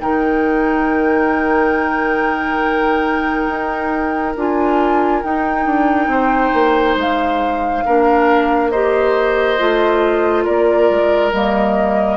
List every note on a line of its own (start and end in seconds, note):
0.00 3.48 D#3
0.00 4.35 D#4
0.00 6.10 A#4
0.00 4.35 G5
3.48 4.35 D#4
4.35 5.22 D4
4.35 5.23 F4
4.35 5.22 G#5
5.22 7.84 D#4
5.22 5.66 D#4
5.22 6.96 G5
5.66 6.07 D4
6.07 6.50 C4
6.07 7.84 C5
6.53 6.96 A#3
6.96 7.83 G#3
6.96 8.70 F5
7.85 9.60 A#3
7.85 8.73 D4
7.85 8.71 A#4
8.70 9.58 G4
8.70 10.44 C5
8.70 10.44 D#5
9.58 10.47 A3
9.58 11.32 F4
10.44 10.90 A#3
10.44 12.16 A#4
10.44 11.32 D5
10.90 11.32 G#3
11.32 12.16 G3
11.32 12.16 A#3
11.32 12.16 D#5